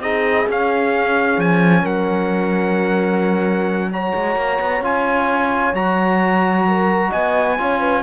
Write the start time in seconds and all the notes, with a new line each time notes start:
0.00 C4 D#4 G#4 D#5
0.48 C#4 F5
1.38 F3 G#5
1.83 F#3 A#4 F#5
3.92 F#4 C#5 A#5
4.15 G#3
4.36 A#3
4.61 B3
4.81 C#4 F4 G#5
5.73 F#3 F#4 A#5
6.68 A#4
7.09 B3 D#5 G#5
7.58 C#4 F4 C#5
7.80 B4